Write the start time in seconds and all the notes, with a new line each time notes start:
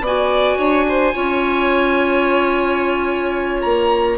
0.00 B3 F#4 D5
0.07 G#5
0.58 D4 C#5
0.88 C5
1.13 C#4 F4 C#5
3.61 A#3 A#5